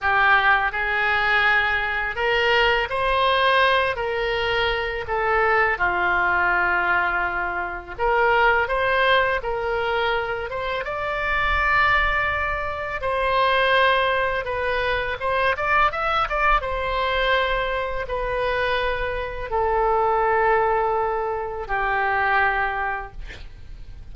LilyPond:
\new Staff \with { instrumentName = "oboe" } { \time 4/4 \tempo 4 = 83 g'4 gis'2 ais'4 | c''4. ais'4. a'4 | f'2. ais'4 | c''4 ais'4. c''8 d''4~ |
d''2 c''2 | b'4 c''8 d''8 e''8 d''8 c''4~ | c''4 b'2 a'4~ | a'2 g'2 | }